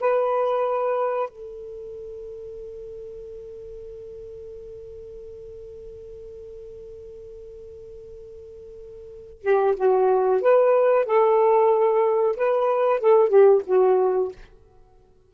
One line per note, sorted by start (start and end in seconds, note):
0.00 1.29 B4
1.29 9.42 A4
9.42 9.75 G4
9.76 10.41 F#4
10.41 11.05 B4
11.05 12.36 A4
12.36 13.00 B4
13.00 13.29 A4
13.29 13.61 G4
13.66 14.31 F#4